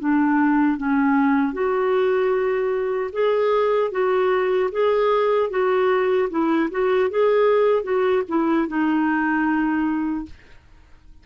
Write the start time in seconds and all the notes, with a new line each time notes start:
0.00 D4
0.78 C#4
1.53 F#4
3.12 G#4
3.91 F#4
4.72 G#4
5.50 F#4
6.30 E4
6.71 F#4
7.10 G#4
7.83 F#4
8.29 E4
8.68 D#4